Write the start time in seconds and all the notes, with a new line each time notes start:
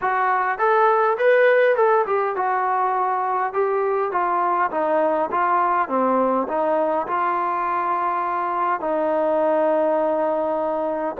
0.01 F#4
0.58 A4
1.18 B4
1.76 A4
2.06 G4
2.36 F#4
3.53 G4
4.11 F4
4.71 D#4
5.31 F4
5.88 C4
6.48 D#4
7.07 F4
8.80 D#4